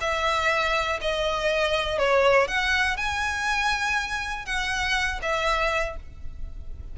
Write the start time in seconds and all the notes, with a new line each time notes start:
0.00 E5
1.01 D#5
1.98 C#5
2.47 F#5
2.97 G#5
4.46 F#5
5.22 E5